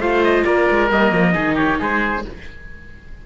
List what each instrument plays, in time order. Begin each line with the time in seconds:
0.00 cello A3, viola F4, oboe C5, trumpet F5
0.24 trumpet D#5
0.45 cello A#3, oboe A#4, trumpet D5
0.70 cello G#3
0.91 cello G3, viola A#3, trumpet D#5
1.12 cello F3
1.33 cello D#3, viola D#4, oboe G#4
1.55 oboe G4, trumpet C#5
1.79 cello G#3, oboe G#4, trumpet C5